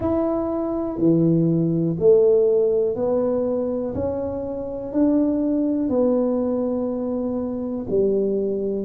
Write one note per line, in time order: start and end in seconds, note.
0.00 0.98 E4
0.98 1.96 E3
1.99 2.95 A3
2.95 3.93 B3
3.94 4.92 C#4
4.92 5.89 D4
5.89 7.86 B3
7.89 8.85 G3